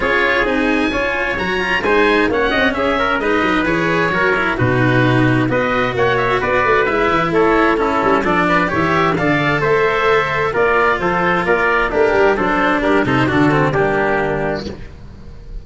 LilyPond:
<<
  \new Staff \with { instrumentName = "oboe" } { \time 4/4 \tempo 4 = 131 cis''4 gis''2 ais''4 | gis''4 fis''4 e''4 dis''4 | cis''2 b'2 | dis''4 fis''8 e''8 d''4 e''4 |
cis''4 a'4 d''4 e''4 | f''4 e''2 d''4 | c''4 d''4 ais'4 c''4 | ais'8 c''8 a'4 g'2 | }
  \new Staff \with { instrumentName = "trumpet" } { \time 4/4 gis'2 cis''2 | c''4 cis''8 dis''8 gis'8 ais'8 b'4~ | b'4 ais'4 fis'2 | b'4 cis''4 b'2 |
a'4 e'4 a'8 b'8 cis''4 | d''4 c''2 ais'4 | a'4 ais'4 d'4 a'4 | g'8 a'8 fis'4 d'2 | }
  \new Staff \with { instrumentName = "cello" } { \time 4/4 f'4 dis'4 f'4 fis'8 f'8 | dis'4 cis'2 dis'4 | gis'4 fis'8 e'8 dis'2 | fis'2. e'4~ |
e'4 cis'4 d'4 g'4 | a'2. f'4~ | f'2 g'4 d'4~ | d'8 dis'8 d'8 c'8 ais2 | }
  \new Staff \with { instrumentName = "tuba" } { \time 4/4 cis'4 c'4 cis'4 fis4 | gis4 ais8 c'8 cis'4 gis8 fis8 | e4 fis4 b,2 | b4 ais4 b8 a8 gis8 e8 |
a4. g8 f4 e4 | d4 a2 ais4 | f4 ais4 a8 g8 fis4 | g8 c8 d4 g2 | }
>>